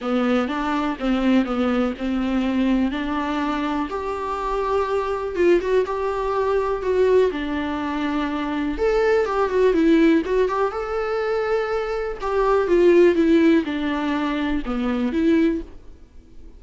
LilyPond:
\new Staff \with { instrumentName = "viola" } { \time 4/4 \tempo 4 = 123 b4 d'4 c'4 b4 | c'2 d'2 | g'2. f'8 fis'8 | g'2 fis'4 d'4~ |
d'2 a'4 g'8 fis'8 | e'4 fis'8 g'8 a'2~ | a'4 g'4 f'4 e'4 | d'2 b4 e'4 | }